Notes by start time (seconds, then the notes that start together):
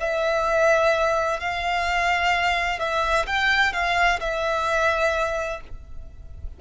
0.00 E5
1.40 F5
2.79 E5
3.26 G5
3.73 F5
4.20 E5